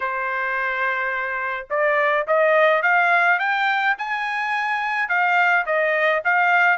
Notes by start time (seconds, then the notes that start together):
0.00 C5
1.70 D5
2.27 D#5
2.82 F5
3.39 G5
3.98 G#5
5.08 F5
5.66 D#5
6.24 F5